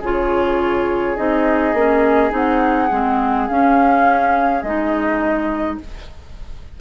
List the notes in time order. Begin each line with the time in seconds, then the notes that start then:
0.00 C#3 F4 G#4 C#5
1.16 C4 D#4 D#5
1.74 A#3 C#4
2.30 C4 D#4 F#5
2.91 G#3 C4
3.48 C#4 F5
4.62 G#3 D#4 D#5